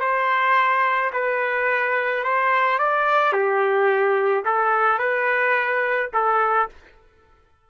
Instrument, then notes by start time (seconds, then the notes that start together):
trumpet
0.00 C5
1.12 B4
2.23 C5
2.78 D5
3.32 G4
4.44 A4
4.98 B4
6.13 A4